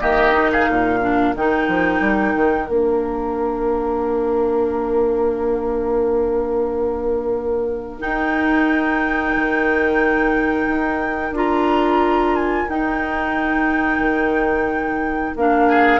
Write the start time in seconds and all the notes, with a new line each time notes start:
0.00 D#3 A#3 G4 D#5
0.32 D#4
0.52 G#4 F5
0.68 A#2 A#4
1.01 D4
1.35 D#3 D#4 G5
1.67 F3
2.00 G3
2.35 D#3
2.65 A#3 D4 F5
7.99 D#4 G5
9.36 D#3
10.67 D#4
11.30 D4 F4 A#5
12.35 G#5
12.68 D#4 G5
13.98 D#3
15.35 A#3 D4 F5
15.68 G#4